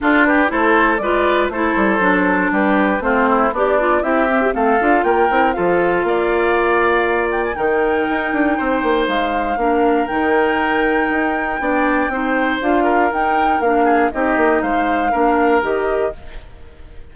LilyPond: <<
  \new Staff \with { instrumentName = "flute" } { \time 4/4 \tempo 4 = 119 a'8 b'8 c''4 d''4 c''4~ | c''4 b'4 c''4 d''4 | e''4 f''4 g''4 f''4~ | f''2~ f''8 g''16 gis''16 g''4~ |
g''2 f''2 | g''1~ | g''4 f''4 g''4 f''4 | dis''4 f''2 dis''4 | }
  \new Staff \with { instrumentName = "oboe" } { \time 4/4 f'8 g'8 a'4 b'4 a'4~ | a'4 g'4 f'8 e'8 d'4 | g'4 a'4 ais'4 a'4 | d''2. ais'4~ |
ais'4 c''2 ais'4~ | ais'2. d''4 | c''4. ais'2 gis'8 | g'4 c''4 ais'2 | }
  \new Staff \with { instrumentName = "clarinet" } { \time 4/4 d'4 e'4 f'4 e'4 | d'2 c'4 g'8 f'8 | e'8 c'16 g'16 c'8 f'4 e'8 f'4~ | f'2. dis'4~ |
dis'2. d'4 | dis'2. d'4 | dis'4 f'4 dis'4 d'4 | dis'2 d'4 g'4 | }
  \new Staff \with { instrumentName = "bassoon" } { \time 4/4 d'4 a4 gis4 a8 g8 | fis4 g4 a4 b4 | c'4 a8 d'8 ais8 c'8 f4 | ais2. dis4 |
dis'8 d'8 c'8 ais8 gis4 ais4 | dis2 dis'4 b4 | c'4 d'4 dis'4 ais4 | c'8 ais8 gis4 ais4 dis4 | }
>>